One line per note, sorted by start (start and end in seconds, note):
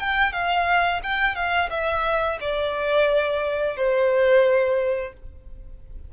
0.00 0.33 G5
0.33 1.01 F5
1.04 1.36 G5
1.36 1.70 F5
1.71 2.39 E5
2.41 3.77 D5
3.77 5.14 C5